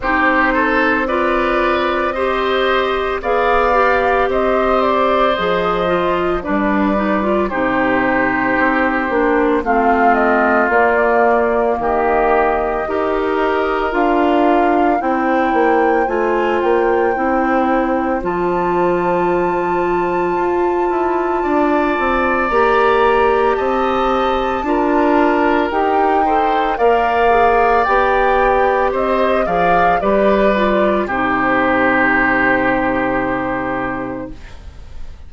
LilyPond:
<<
  \new Staff \with { instrumentName = "flute" } { \time 4/4 \tempo 4 = 56 c''4 d''4 dis''4 f''4 | dis''8 d''8 dis''4 d''4 c''4~ | c''4 f''8 dis''8 d''4 dis''4~ | dis''4 f''4 g''4 gis''8 g''8~ |
g''4 a''2.~ | a''4 ais''4 a''2 | g''4 f''4 g''4 dis''8 f''8 | d''4 c''2. | }
  \new Staff \with { instrumentName = "oboe" } { \time 4/4 g'8 a'8 b'4 c''4 d''4 | c''2 b'4 g'4~ | g'4 f'2 g'4 | ais'2 c''2~ |
c''1 | d''2 dis''4 ais'4~ | ais'8 c''8 d''2 c''8 d''8 | b'4 g'2. | }
  \new Staff \with { instrumentName = "clarinet" } { \time 4/4 dis'4 f'4 g'4 gis'8 g'8~ | g'4 gis'8 f'8 d'8 dis'16 f'16 dis'4~ | dis'8 d'8 c'4 ais2 | g'4 f'4 e'4 f'4 |
e'4 f'2.~ | f'4 g'2 f'4 | g'8 a'8 ais'8 gis'8 g'4. gis'8 | g'8 f'8 dis'2. | }
  \new Staff \with { instrumentName = "bassoon" } { \time 4/4 c'2. b4 | c'4 f4 g4 c4 | c'8 ais8 a4 ais4 dis4 | dis'4 d'4 c'8 ais8 a8 ais8 |
c'4 f2 f'8 e'8 | d'8 c'8 ais4 c'4 d'4 | dis'4 ais4 b4 c'8 f8 | g4 c2. | }
>>